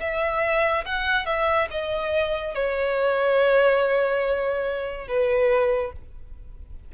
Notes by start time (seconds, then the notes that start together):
0.00 E5
0.85 F#5
1.26 E5
1.71 D#5
2.54 C#5
5.08 B4